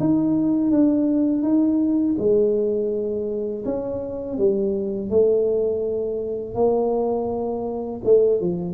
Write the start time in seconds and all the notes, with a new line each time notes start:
0.00 D#4
0.71 D4
1.42 D#4
2.18 G#3
3.65 C#4
4.38 G3
5.10 A3
6.55 A#3
8.04 A3
8.41 F3